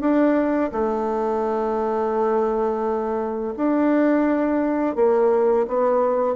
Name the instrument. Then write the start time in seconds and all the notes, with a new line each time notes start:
bassoon
0.00 D4
0.72 A3
3.56 D4
4.95 A#3
5.67 B3